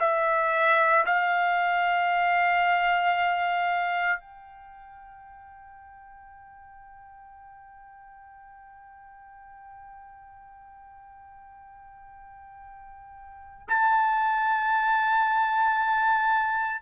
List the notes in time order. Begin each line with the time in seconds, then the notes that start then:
0.00 E5
1.07 F5
4.21 G5
13.69 A5